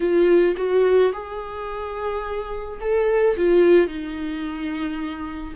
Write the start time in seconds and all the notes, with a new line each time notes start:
0.00 F4
0.56 F#4
1.12 G#4
2.81 A4
3.36 F4
3.87 D#4